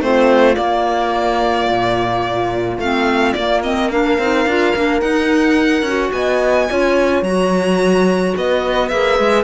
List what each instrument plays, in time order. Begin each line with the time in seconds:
0.00 cello A3, clarinet C4, horn F4, violin C5
0.54 clarinet A#3, cello A#3, violin D5
1.69 cello A#2
2.78 cello A3, clarinet C4, violin F5
3.33 cello A#3, clarinet A#3, violin D5
3.63 clarinet C4, violin D#5
3.88 clarinet D4, horn A#4, violin F5
4.18 cello C4, clarinet D#4
4.46 cello D4, clarinet F4
4.76 cello A#3, clarinet D4
5.00 clarinet D#4, cello D#4, violin F#5
5.82 cello C#4, clarinet F#4
6.12 cello B3, horn D#5, violin G#5
6.69 cello C#4, clarinet F4, horn C#5
7.22 cello F#3, clarinet F#4, violin A#5
8.37 cello B3, horn B4, violin D#5
8.88 cello A#3, clarinet G#4, violin E5
9.19 cello G#3